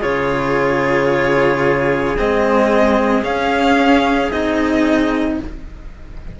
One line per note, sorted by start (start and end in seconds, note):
0.00 2.18 C#3
0.00 2.15 F4
0.00 5.36 G#4
0.00 2.17 C#5
2.18 3.22 G#3
2.18 3.24 C4
2.18 3.24 D#5
3.22 4.29 C#4
3.22 4.31 C#4
3.22 4.31 F5
4.31 5.38 C4
4.31 5.40 D#4
4.31 5.39 D#5